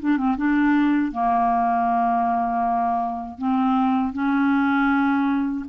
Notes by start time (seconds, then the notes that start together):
0.00 D4
0.17 C4
0.37 D4
1.12 A#3
3.38 C4
4.13 C#4